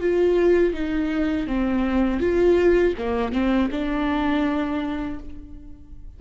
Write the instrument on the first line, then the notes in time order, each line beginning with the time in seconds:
viola
0.00 F4
0.73 D#4
1.47 C4
2.20 F4
2.98 A#3
3.32 C4
3.71 D4